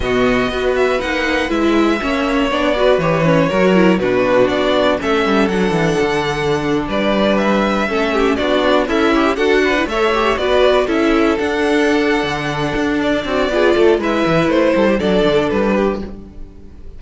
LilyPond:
<<
  \new Staff \with { instrumentName = "violin" } { \time 4/4 \tempo 4 = 120 dis''4. e''8 fis''4 e''4~ | e''4 d''4 cis''2 | b'4 d''4 e''4 fis''4~ | fis''4.~ fis''16 d''4 e''4~ e''16~ |
e''8. d''4 e''4 fis''4 e''16~ | e''8. d''4 e''4 fis''4~ fis''16~ | fis''2 d''2 | e''4 c''4 d''4 b'4 | }
  \new Staff \with { instrumentName = "violin" } { \time 4/4 fis'4 b'2. | cis''4. b'4. ais'4 | fis'2 a'2~ | a'4.~ a'16 b'2 a'16~ |
a'16 g'8 fis'4 e'4 a'8 b'8 cis''16~ | cis''8. b'4 a'2~ a'16~ | a'2~ a'8 fis'8 gis'8 a'8 | b'4. a'16 g'16 a'4. g'8 | }
  \new Staff \with { instrumentName = "viola" } { \time 4/4 b4 fis'4 dis'4 e'4 | cis'4 d'8 fis'8 g'8 cis'8 fis'8 e'8 | d'2 cis'4 d'4~ | d'2.~ d'8. cis'16~ |
cis'8. d'4 a'8 g'8 fis'8. e16 a'16~ | a'16 g'8 fis'4 e'4 d'4~ d'16~ | d'2. f'4 | e'2 d'2 | }
  \new Staff \with { instrumentName = "cello" } { \time 4/4 b,4 b4 ais4 gis4 | ais4 b4 e4 fis4 | b,4 b4 a8 g8 fis8 e8 | d4.~ d16 g2 a16~ |
a8. b4 cis'4 d'4 a16~ | a8. b4 cis'4 d'4~ d'16~ | d'8 d4 d'4 c'8 b8 a8 | gis8 e8 a8 g8 fis8 d8 g4 | }
>>